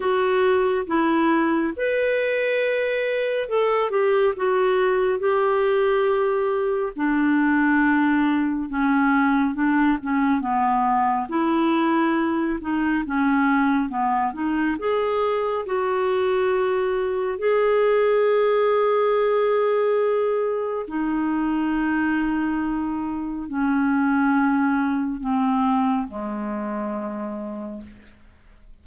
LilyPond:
\new Staff \with { instrumentName = "clarinet" } { \time 4/4 \tempo 4 = 69 fis'4 e'4 b'2 | a'8 g'8 fis'4 g'2 | d'2 cis'4 d'8 cis'8 | b4 e'4. dis'8 cis'4 |
b8 dis'8 gis'4 fis'2 | gis'1 | dis'2. cis'4~ | cis'4 c'4 gis2 | }